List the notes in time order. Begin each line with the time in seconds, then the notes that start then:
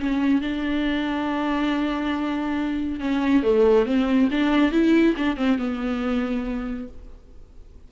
0.00 C#4
0.42 D4
3.00 C#4
3.43 A3
3.86 C4
4.31 D4
4.72 E4
5.17 D4
5.37 C4
5.59 B3